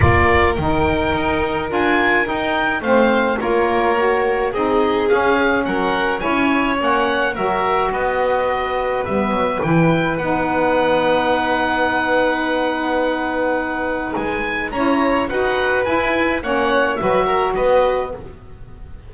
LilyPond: <<
  \new Staff \with { instrumentName = "oboe" } { \time 4/4 \tempo 4 = 106 d''4 g''2 gis''4 | g''4 f''4 cis''2 | dis''4 f''4 fis''4 gis''4 | fis''4 e''4 dis''2 |
e''4 g''4 fis''2~ | fis''1~ | fis''4 gis''4 ais''4 fis''4 | gis''4 fis''4 e''4 dis''4 | }
  \new Staff \with { instrumentName = "violin" } { \time 4/4 ais'1~ | ais'4 c''4 ais'2 | gis'2 ais'4 cis''4~ | cis''4 ais'4 b'2~ |
b'1~ | b'1~ | b'2 cis''4 b'4~ | b'4 cis''4 b'8 ais'8 b'4 | }
  \new Staff \with { instrumentName = "saxophone" } { \time 4/4 f'4 dis'2 f'4 | dis'4 c'4 f'4 fis'4 | dis'4 cis'2 e'4 | cis'4 fis'2. |
b4 e'4 dis'2~ | dis'1~ | dis'2 e'4 fis'4 | e'4 cis'4 fis'2 | }
  \new Staff \with { instrumentName = "double bass" } { \time 4/4 ais4 dis4 dis'4 d'4 | dis'4 a4 ais2 | c'4 cis'4 fis4 cis'4 | ais4 fis4 b2 |
g8 fis8 e4 b2~ | b1~ | b4 gis4 cis'4 dis'4 | e'4 ais4 fis4 b4 | }
>>